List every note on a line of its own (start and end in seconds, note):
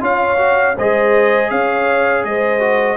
0.00 0.75 C#4
0.00 0.37 F4
0.00 0.76 C#5
0.00 0.77 F5
0.37 0.74 F#4
0.76 1.51 G#3
0.76 2.59 G#4
0.76 1.50 C5
0.76 1.50 D#5
1.50 2.24 C#4
1.50 2.25 C#5
1.50 2.24 F5
2.24 2.96 G#3
2.24 2.96 C5
2.24 2.96 D#5
2.59 2.96 F#4